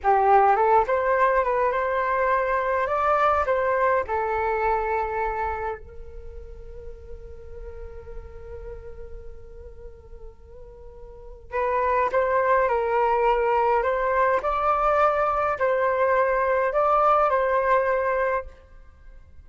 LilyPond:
\new Staff \with { instrumentName = "flute" } { \time 4/4 \tempo 4 = 104 g'4 a'8 c''4 b'8 c''4~ | c''4 d''4 c''4 a'4~ | a'2 ais'2~ | ais'1~ |
ais'1 | b'4 c''4 ais'2 | c''4 d''2 c''4~ | c''4 d''4 c''2 | }